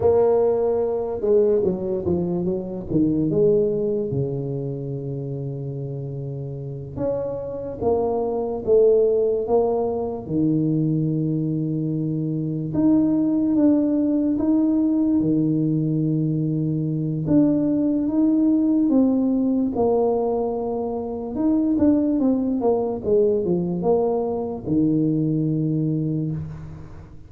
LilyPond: \new Staff \with { instrumentName = "tuba" } { \time 4/4 \tempo 4 = 73 ais4. gis8 fis8 f8 fis8 dis8 | gis4 cis2.~ | cis8 cis'4 ais4 a4 ais8~ | ais8 dis2. dis'8~ |
dis'8 d'4 dis'4 dis4.~ | dis4 d'4 dis'4 c'4 | ais2 dis'8 d'8 c'8 ais8 | gis8 f8 ais4 dis2 | }